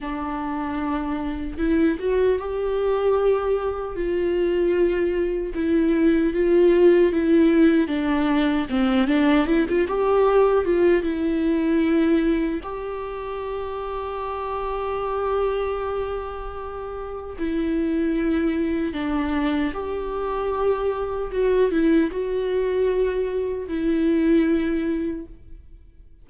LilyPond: \new Staff \with { instrumentName = "viola" } { \time 4/4 \tempo 4 = 76 d'2 e'8 fis'8 g'4~ | g'4 f'2 e'4 | f'4 e'4 d'4 c'8 d'8 | e'16 f'16 g'4 f'8 e'2 |
g'1~ | g'2 e'2 | d'4 g'2 fis'8 e'8 | fis'2 e'2 | }